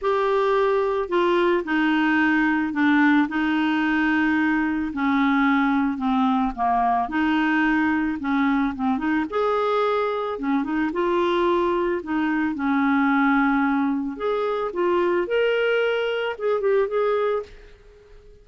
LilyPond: \new Staff \with { instrumentName = "clarinet" } { \time 4/4 \tempo 4 = 110 g'2 f'4 dis'4~ | dis'4 d'4 dis'2~ | dis'4 cis'2 c'4 | ais4 dis'2 cis'4 |
c'8 dis'8 gis'2 cis'8 dis'8 | f'2 dis'4 cis'4~ | cis'2 gis'4 f'4 | ais'2 gis'8 g'8 gis'4 | }